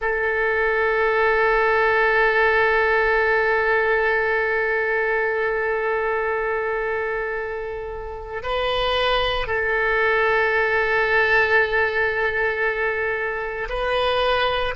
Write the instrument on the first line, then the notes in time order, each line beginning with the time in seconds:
oboe
0.00 A4
8.42 B4
9.46 A4
13.68 B4